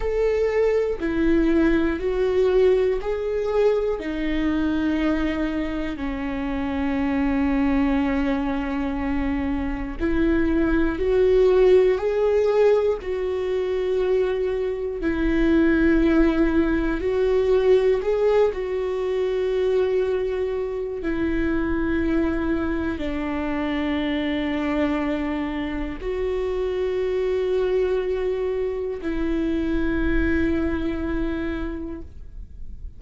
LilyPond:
\new Staff \with { instrumentName = "viola" } { \time 4/4 \tempo 4 = 60 a'4 e'4 fis'4 gis'4 | dis'2 cis'2~ | cis'2 e'4 fis'4 | gis'4 fis'2 e'4~ |
e'4 fis'4 gis'8 fis'4.~ | fis'4 e'2 d'4~ | d'2 fis'2~ | fis'4 e'2. | }